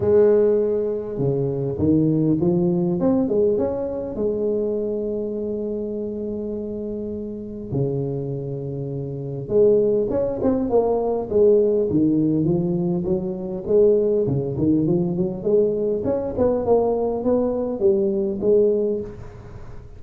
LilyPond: \new Staff \with { instrumentName = "tuba" } { \time 4/4 \tempo 4 = 101 gis2 cis4 dis4 | f4 c'8 gis8 cis'4 gis4~ | gis1~ | gis4 cis2. |
gis4 cis'8 c'8 ais4 gis4 | dis4 f4 fis4 gis4 | cis8 dis8 f8 fis8 gis4 cis'8 b8 | ais4 b4 g4 gis4 | }